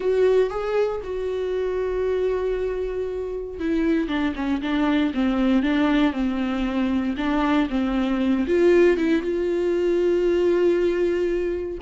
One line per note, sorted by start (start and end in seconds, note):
0.00 0.50 F#4
0.50 1.01 G#4
1.03 3.59 F#4
3.59 4.08 E4
4.08 4.33 D4
4.35 4.61 C#4
4.61 5.13 D4
5.14 5.62 C4
5.62 6.13 D4
6.13 7.15 C4
7.17 7.68 D4
7.69 8.46 C4
8.47 8.97 F4
8.97 9.22 E4
9.22 11.78 F4